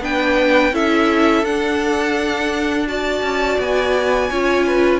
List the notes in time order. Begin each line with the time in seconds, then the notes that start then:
0.00 B3 D4 B4 G5
0.72 C#4 E4 A4 E5
1.43 D4 F#5
2.87 F#4 D5 A5
3.22 C#4
3.59 B3 G#5
4.30 C#4 F4 C#5
4.66 B4